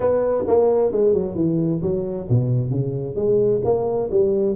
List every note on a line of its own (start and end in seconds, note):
0.00 0.44 B3
0.47 0.92 A#3
0.92 1.13 G#3
1.13 1.35 F#3
1.35 1.80 E3
1.82 2.27 F#3
2.29 2.70 B2
2.70 3.15 C#3
3.15 3.61 G#3
3.64 4.09 A#3
4.11 4.55 G3